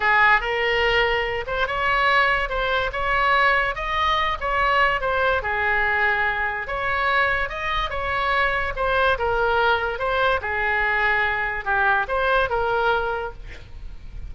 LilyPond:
\new Staff \with { instrumentName = "oboe" } { \time 4/4 \tempo 4 = 144 gis'4 ais'2~ ais'8 c''8 | cis''2 c''4 cis''4~ | cis''4 dis''4. cis''4. | c''4 gis'2. |
cis''2 dis''4 cis''4~ | cis''4 c''4 ais'2 | c''4 gis'2. | g'4 c''4 ais'2 | }